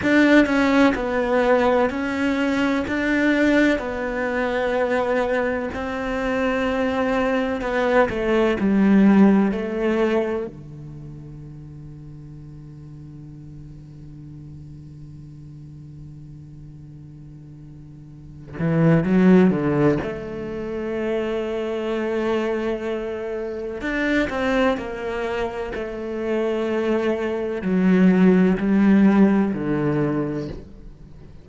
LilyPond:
\new Staff \with { instrumentName = "cello" } { \time 4/4 \tempo 4 = 63 d'8 cis'8 b4 cis'4 d'4 | b2 c'2 | b8 a8 g4 a4 d4~ | d1~ |
d2.~ d8 e8 | fis8 d8 a2.~ | a4 d'8 c'8 ais4 a4~ | a4 fis4 g4 d4 | }